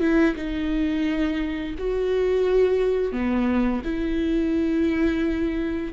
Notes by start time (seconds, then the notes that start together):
0.00 E4
0.36 D#4
1.78 F#4
3.12 B3
3.84 E4